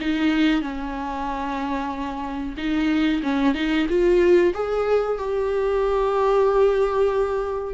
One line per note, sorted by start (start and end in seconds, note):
0.00 0.61 D#4
0.61 2.55 C#4
2.57 3.21 D#4
3.23 3.54 C#4
3.54 3.87 D#4
3.89 4.53 F4
4.54 5.18 G#4
5.18 7.74 G4